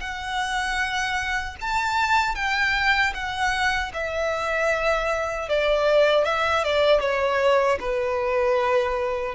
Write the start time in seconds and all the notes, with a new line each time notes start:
0.00 F#5
1.60 A5
2.35 G5
3.14 F#5
3.94 E5
5.49 D5
6.25 E5
6.64 D5
7.00 C#5
7.80 B4